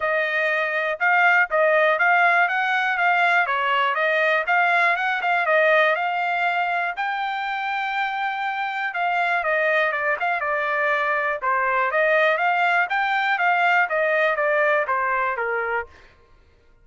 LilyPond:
\new Staff \with { instrumentName = "trumpet" } { \time 4/4 \tempo 4 = 121 dis''2 f''4 dis''4 | f''4 fis''4 f''4 cis''4 | dis''4 f''4 fis''8 f''8 dis''4 | f''2 g''2~ |
g''2 f''4 dis''4 | d''8 f''8 d''2 c''4 | dis''4 f''4 g''4 f''4 | dis''4 d''4 c''4 ais'4 | }